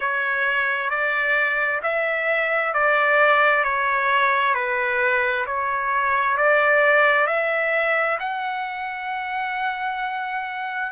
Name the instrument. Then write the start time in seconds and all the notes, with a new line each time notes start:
trumpet
0.00 C#5
0.90 D5
1.83 E5
2.73 D5
3.64 C#5
4.54 B4
5.46 C#5
6.37 D5
7.26 E5
8.19 F#5